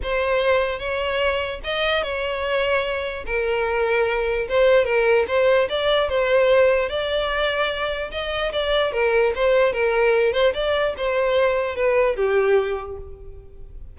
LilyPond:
\new Staff \with { instrumentName = "violin" } { \time 4/4 \tempo 4 = 148 c''2 cis''2 | dis''4 cis''2. | ais'2. c''4 | ais'4 c''4 d''4 c''4~ |
c''4 d''2. | dis''4 d''4 ais'4 c''4 | ais'4. c''8 d''4 c''4~ | c''4 b'4 g'2 | }